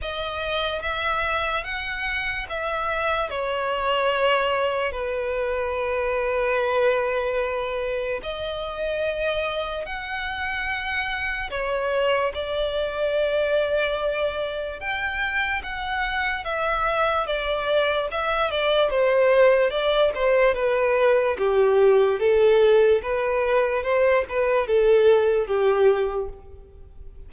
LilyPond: \new Staff \with { instrumentName = "violin" } { \time 4/4 \tempo 4 = 73 dis''4 e''4 fis''4 e''4 | cis''2 b'2~ | b'2 dis''2 | fis''2 cis''4 d''4~ |
d''2 g''4 fis''4 | e''4 d''4 e''8 d''8 c''4 | d''8 c''8 b'4 g'4 a'4 | b'4 c''8 b'8 a'4 g'4 | }